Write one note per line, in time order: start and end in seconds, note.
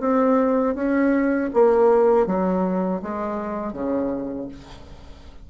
0.00 0.75 C4
0.75 1.50 C#4
1.54 2.27 A#3
2.27 3.02 F#3
3.02 3.73 G#3
3.73 4.48 C#3